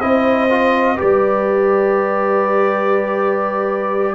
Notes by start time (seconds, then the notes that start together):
0.00 C4 E4 C5 D#5
0.50 F4
0.95 G4 B4 D5
1.02 G3